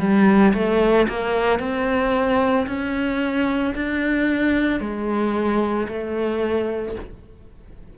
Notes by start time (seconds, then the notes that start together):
0.00 G3
0.54 A3
1.09 A#3
1.60 C4
2.67 C#4
3.75 D4
4.81 G#3
5.89 A3